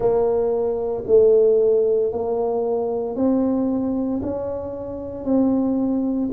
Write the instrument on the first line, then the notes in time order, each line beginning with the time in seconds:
tuba
0.00 A#3
1.06 A3
2.11 A#3
3.15 C4
4.22 C#4
5.24 C4